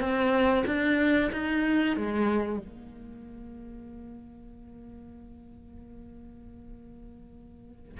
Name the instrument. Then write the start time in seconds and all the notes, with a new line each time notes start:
cello
0.00 C4
0.67 D4
1.32 D#4
1.96 G#3
2.59 A#3